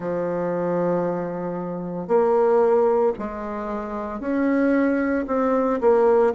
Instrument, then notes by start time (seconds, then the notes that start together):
bassoon
0.00 F3
2.07 A#3
3.18 G#3
4.20 C#4
5.27 C4
5.80 A#3